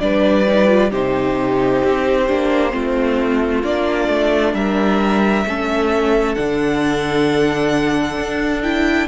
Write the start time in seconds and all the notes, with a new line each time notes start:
0.00 G3 D4 B4 D5
0.48 D#4
0.68 F4
0.91 C3 D#4 G4 C5
1.84 C4
2.28 A#3 D4
2.71 A3 C4 F4
3.63 A#3 D4 D5
4.09 A3
4.54 G3 A#4 E5
5.46 A3 C#4 A4
6.35 D3 D4 F#5
8.18 D4
8.62 E4 G5